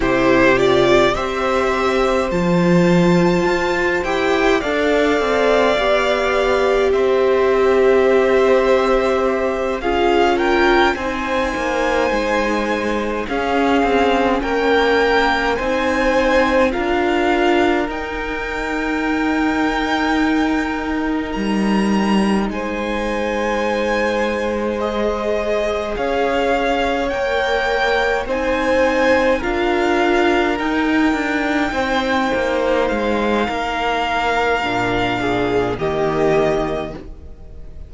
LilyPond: <<
  \new Staff \with { instrumentName = "violin" } { \time 4/4 \tempo 4 = 52 c''8 d''8 e''4 a''4. g''8 | f''2 e''2~ | e''8 f''8 g''8 gis''2 f''8~ | f''8 g''4 gis''4 f''4 g''8~ |
g''2~ g''8 ais''4 gis''8~ | gis''4. dis''4 f''4 g''8~ | g''8 gis''4 f''4 g''4.~ | g''8 f''2~ f''8 dis''4 | }
  \new Staff \with { instrumentName = "violin" } { \time 4/4 g'4 c''2. | d''2 c''2~ | c''8 gis'8 ais'8 c''2 gis'8~ | gis'8 ais'4 c''4 ais'4.~ |
ais'2.~ ais'8 c''8~ | c''2~ c''8 cis''4.~ | cis''8 c''4 ais'2 c''8~ | c''4 ais'4. gis'8 g'4 | }
  \new Staff \with { instrumentName = "viola" } { \time 4/4 e'8 f'8 g'4 f'4. g'8 | a'4 g'2.~ | g'8 f'4 dis'2 cis'8~ | cis'4. dis'4 f'4 dis'8~ |
dis'1~ | dis'4. gis'2 ais'8~ | ais'8 dis'4 f'4 dis'4.~ | dis'2 d'4 ais4 | }
  \new Staff \with { instrumentName = "cello" } { \time 4/4 c4 c'4 f4 f'8 e'8 | d'8 c'8 b4 c'2~ | c'8 cis'4 c'8 ais8 gis4 cis'8 | c'8 ais4 c'4 d'4 dis'8~ |
dis'2~ dis'8 g4 gis8~ | gis2~ gis8 cis'4 ais8~ | ais8 c'4 d'4 dis'8 d'8 c'8 | ais8 gis8 ais4 ais,4 dis4 | }
>>